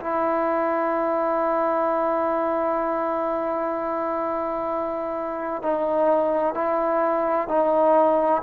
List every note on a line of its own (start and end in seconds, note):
0.00 5.62 E4
5.62 6.54 D#4
6.54 7.48 E4
7.48 8.42 D#4